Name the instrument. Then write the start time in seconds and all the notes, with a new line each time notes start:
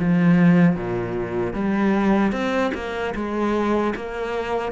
cello
0.00 F3
0.76 A#2
1.54 G3
2.33 C4
2.75 A#3
3.15 G#3
3.96 A#3